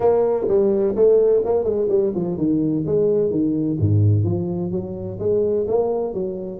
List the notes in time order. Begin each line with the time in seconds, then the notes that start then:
0.00 A#3
0.47 G3
0.95 A3
1.45 A#3
1.64 G#3
1.89 G3
2.15 F3
2.37 D#3
2.86 G#3
3.30 D#3
3.79 G#2
4.24 F3
4.71 F#3
5.19 G#3
5.67 A#3
6.13 F#3